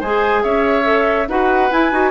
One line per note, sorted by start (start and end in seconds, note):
0.00 0.44 G#3
0.00 0.84 G#4
0.00 0.43 C5
0.00 0.43 G#5
0.43 1.28 C#4
0.43 1.28 C#5
0.43 1.28 E5
0.84 1.26 A4
1.28 1.71 D#4
1.28 1.71 F#4
1.28 2.11 B4
1.28 1.72 F#5
1.71 1.92 E4
1.71 2.11 G#5
1.92 2.11 D#4
1.92 2.11 F#4